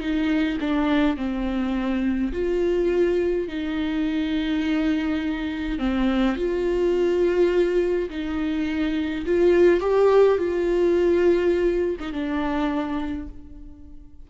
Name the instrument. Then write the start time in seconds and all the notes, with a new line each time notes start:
viola
0.00 D#4
0.60 D4
1.16 C4
2.32 F4
3.48 D#4
5.78 C4
6.36 F4
8.09 D#4
9.25 F4
9.80 G4
10.37 F4
11.99 D#4
12.12 D4